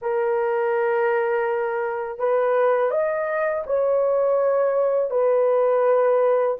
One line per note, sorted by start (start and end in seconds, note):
0.01 2.19 A#4
2.19 2.90 B4
2.90 3.64 D#5
3.66 5.10 C#5
5.10 6.57 B4